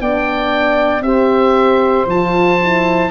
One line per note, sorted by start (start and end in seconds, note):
0.00 1.02 B3
0.00 1.04 D4
0.00 1.04 D5
0.00 1.03 G5
1.02 2.05 C4
1.02 2.07 G4
1.02 3.11 C5
1.02 2.06 E5
2.06 3.10 F3
2.06 2.61 F4
2.06 3.11 A5
2.62 3.11 E4